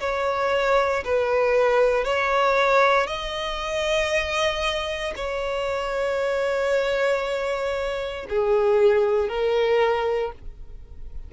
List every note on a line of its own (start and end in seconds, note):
0.00 1.03 C#5
1.04 2.05 B4
2.05 3.07 C#5
3.07 5.13 D#5
5.16 8.26 C#5
8.29 9.29 G#4
9.29 10.32 A#4